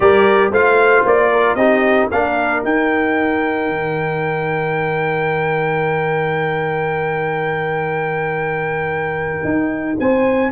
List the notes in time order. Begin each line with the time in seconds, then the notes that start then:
0.00 G3 G4 A#4 D5
0.51 A3 F4 C5 F5
1.05 A#3 D5
1.31 A#4
1.55 C4 D#4 G4 D#5
2.10 A#3 D4 A#4 F5
2.64 D#4 G5
3.68 D#3
9.44 D#4
9.99 C4 C5 G#5